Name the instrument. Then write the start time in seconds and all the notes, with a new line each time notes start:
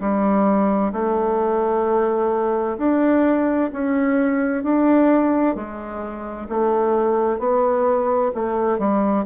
bassoon
0.00 G3
0.93 A3
2.78 D4
3.73 C#4
4.64 D4
5.56 G#3
6.49 A3
7.39 B3
8.35 A3
8.79 G3